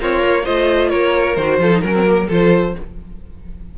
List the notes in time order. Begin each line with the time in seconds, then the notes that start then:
0.00 C4 F4 A#4 C#5
0.24 A#3
0.44 A3 F4 C5 D#5
0.90 A#3 A#4 C#5
1.36 D#3 F#4 C5
1.59 F3 F4 A4
1.72 D#4
1.81 F#3 C#4 A#4
1.95 C4
2.05 A#3
2.28 F3 F4 A4 C5